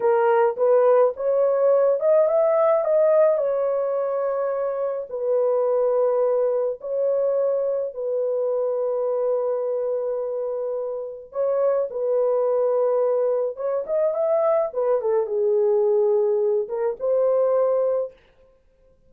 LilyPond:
\new Staff \with { instrumentName = "horn" } { \time 4/4 \tempo 4 = 106 ais'4 b'4 cis''4. dis''8 | e''4 dis''4 cis''2~ | cis''4 b'2. | cis''2 b'2~ |
b'1 | cis''4 b'2. | cis''8 dis''8 e''4 b'8 a'8 gis'4~ | gis'4. ais'8 c''2 | }